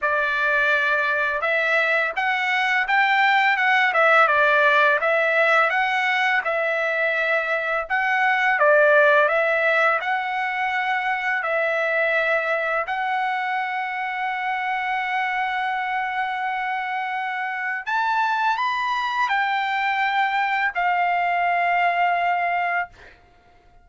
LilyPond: \new Staff \with { instrumentName = "trumpet" } { \time 4/4 \tempo 4 = 84 d''2 e''4 fis''4 | g''4 fis''8 e''8 d''4 e''4 | fis''4 e''2 fis''4 | d''4 e''4 fis''2 |
e''2 fis''2~ | fis''1~ | fis''4 a''4 b''4 g''4~ | g''4 f''2. | }